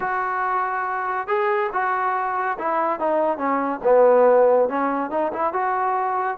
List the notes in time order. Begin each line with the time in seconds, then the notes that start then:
0.00 F#4
1.27 G#4
1.72 F#4
2.58 E4
2.99 D#4
3.37 C#4
3.83 B3
4.68 C#4
5.10 D#4
5.32 E4
5.53 F#4